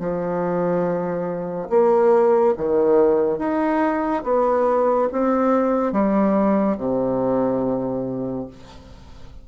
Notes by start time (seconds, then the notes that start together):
0.00 F3
1.70 A#3
2.57 D#3
3.39 D#4
4.24 B3
5.12 C4
5.93 G3
6.78 C3